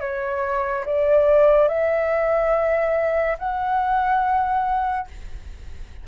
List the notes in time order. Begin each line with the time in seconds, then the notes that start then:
0.00 C#5
0.85 D5
1.68 E5
3.38 F#5